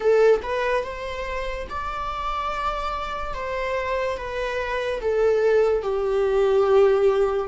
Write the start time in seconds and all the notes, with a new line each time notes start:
0.00 A4
0.42 B4
0.83 C5
1.69 D5
3.33 C5
4.17 B4
5.00 A4
5.82 G4